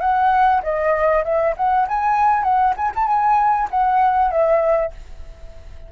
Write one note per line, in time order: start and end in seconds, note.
0.00 0.61 F#5
0.62 1.24 D#5
1.24 1.54 E5
1.56 1.87 F#5
1.88 2.43 G#5
2.43 2.74 F#5
2.76 2.92 G#5
2.95 3.07 A5
3.07 3.68 G#5
3.70 4.30 F#5
4.30 4.91 E5